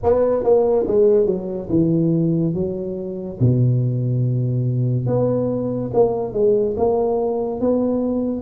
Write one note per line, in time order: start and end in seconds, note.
0.03 0.43 B3
0.43 0.86 A#3
0.87 1.26 G#3
1.26 1.68 F#3
1.69 2.54 E3
2.54 3.38 F#3
3.40 5.06 B2
5.06 5.90 B3
5.93 6.33 A#3
6.33 6.75 G#3
6.76 7.60 A#3
7.60 8.42 B3